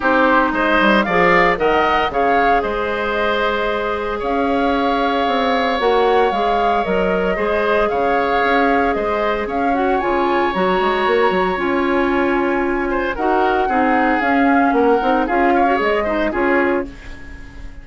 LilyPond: <<
  \new Staff \with { instrumentName = "flute" } { \time 4/4 \tempo 4 = 114 c''4 dis''4 f''4 fis''4 | f''4 dis''2. | f''2. fis''4 | f''4 dis''2 f''4~ |
f''4 dis''4 f''8 fis''8 gis''4 | ais''2 gis''2~ | gis''4 fis''2 f''4 | fis''4 f''4 dis''4 cis''4 | }
  \new Staff \with { instrumentName = "oboe" } { \time 4/4 g'4 c''4 d''4 dis''4 | cis''4 c''2. | cis''1~ | cis''2 c''4 cis''4~ |
cis''4 c''4 cis''2~ | cis''1~ | cis''8 c''8 ais'4 gis'2 | ais'4 gis'8 cis''4 c''8 gis'4 | }
  \new Staff \with { instrumentName = "clarinet" } { \time 4/4 dis'2 gis'4 ais'4 | gis'1~ | gis'2. fis'4 | gis'4 ais'4 gis'2~ |
gis'2~ gis'8 fis'8 f'4 | fis'2 f'2~ | f'4 fis'4 dis'4 cis'4~ | cis'8 dis'8 f'8. fis'16 gis'8 dis'8 f'4 | }
  \new Staff \with { instrumentName = "bassoon" } { \time 4/4 c'4 gis8 g8 f4 dis4 | cis4 gis2. | cis'2 c'4 ais4 | gis4 fis4 gis4 cis4 |
cis'4 gis4 cis'4 cis4 | fis8 gis8 ais8 fis8 cis'2~ | cis'4 dis'4 c'4 cis'4 | ais8 c'8 cis'4 gis4 cis'4 | }
>>